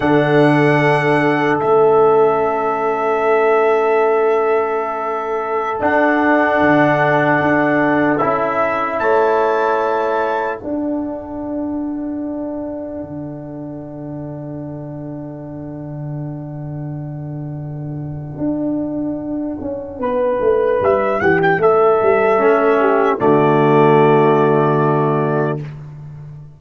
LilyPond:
<<
  \new Staff \with { instrumentName = "trumpet" } { \time 4/4 \tempo 4 = 75 fis''2 e''2~ | e''2.~ e''16 fis''8.~ | fis''2~ fis''16 e''4 a''8.~ | a''4~ a''16 fis''2~ fis''8.~ |
fis''1~ | fis''1~ | fis''2 e''8 fis''16 g''16 e''4~ | e''4 d''2. | }
  \new Staff \with { instrumentName = "horn" } { \time 4/4 a'1~ | a'1~ | a'2.~ a'16 cis''8.~ | cis''4~ cis''16 a'2~ a'8.~ |
a'1~ | a'1~ | a'4 b'4. g'8 a'4~ | a'8 g'8 fis'2. | }
  \new Staff \with { instrumentName = "trombone" } { \time 4/4 d'2 cis'2~ | cis'2.~ cis'16 d'8.~ | d'2~ d'16 e'4.~ e'16~ | e'4~ e'16 d'2~ d'8.~ |
d'1~ | d'1~ | d'1 | cis'4 a2. | }
  \new Staff \with { instrumentName = "tuba" } { \time 4/4 d2 a2~ | a2.~ a16 d'8.~ | d'16 d4 d'4 cis'4 a8.~ | a4~ a16 d'2~ d'8.~ |
d'16 d2.~ d8.~ | d2. d'4~ | d'8 cis'8 b8 a8 g8 e8 a8 g8 | a4 d2. | }
>>